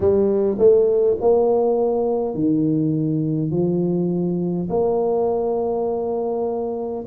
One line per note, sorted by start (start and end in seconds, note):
0.00 0.57 G3
0.58 1.17 A3
1.20 2.34 A#3
2.34 3.50 D#3
3.50 4.68 F3
4.69 7.04 A#3